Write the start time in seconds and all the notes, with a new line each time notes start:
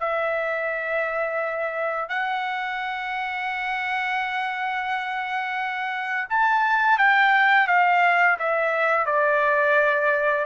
0.00 E5
2.09 F#5
6.29 A5
6.98 G5
7.67 F5
8.39 E5
9.06 D5